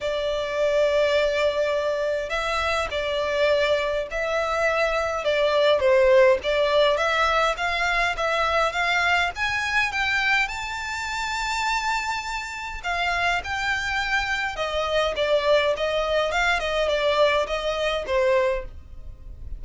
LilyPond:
\new Staff \with { instrumentName = "violin" } { \time 4/4 \tempo 4 = 103 d''1 | e''4 d''2 e''4~ | e''4 d''4 c''4 d''4 | e''4 f''4 e''4 f''4 |
gis''4 g''4 a''2~ | a''2 f''4 g''4~ | g''4 dis''4 d''4 dis''4 | f''8 dis''8 d''4 dis''4 c''4 | }